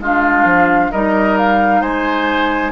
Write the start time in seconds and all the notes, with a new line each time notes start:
0.00 G#3 D4 F4 F5
0.44 F3
0.91 G3 D#4 A#4 D#5
1.37 F5
1.81 G#3 C5 G#5